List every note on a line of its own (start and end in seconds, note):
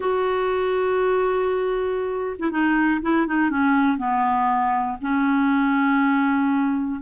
0.00 2.36 F#4
2.38 2.50 E4
2.50 3.00 D#4
3.01 3.26 E4
3.26 3.50 D#4
3.50 3.97 C#4
3.97 4.97 B3
5.01 7.01 C#4